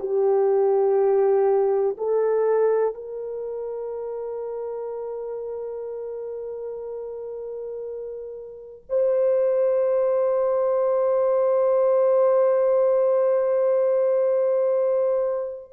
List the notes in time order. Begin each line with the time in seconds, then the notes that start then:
0.00 G4
1.98 A4
2.95 A#4
8.89 C5